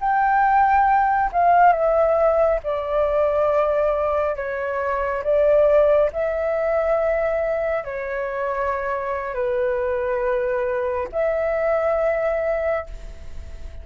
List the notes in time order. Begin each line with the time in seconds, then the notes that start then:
0.00 G5
1.32 F5
1.72 E5
2.63 D5
4.36 C#5
5.23 D5
6.12 E5
7.84 C#5
9.34 B4
11.12 E5